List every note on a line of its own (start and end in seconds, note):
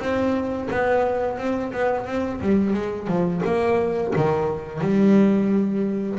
0.00 0.69 C4
0.71 1.38 B3
1.38 1.73 C4
1.73 2.06 B3
2.06 2.41 C4
2.41 2.74 G3
2.74 3.08 G#3
3.08 3.42 F3
3.45 4.14 A#3
4.17 4.82 D#3
4.82 6.19 G3